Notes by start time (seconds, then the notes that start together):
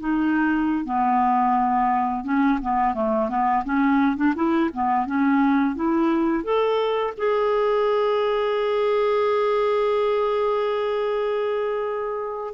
0.00 D#4
0.86 B3
2.25 C#4
2.62 B3
2.95 A3
3.29 B3
3.65 C#4
4.17 D4
4.36 E4
4.74 B3
5.06 C#4
5.76 E4
6.44 A4
7.18 G#4